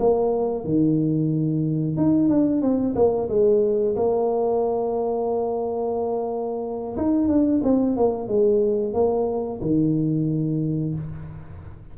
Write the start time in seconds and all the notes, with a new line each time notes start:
0.00 A#3
0.65 D#3
1.97 D#4
2.29 D4
2.62 C4
2.95 A#3
3.29 G#3
3.96 A#3
6.97 D#4
7.28 D4
7.64 C4
7.97 A#3
8.28 G#3
8.94 A#3
9.62 D#3